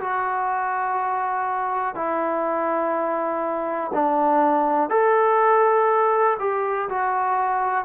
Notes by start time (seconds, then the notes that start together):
0.00 F#4
1.95 E4
3.94 D4
4.90 A4
6.40 G4
6.89 F#4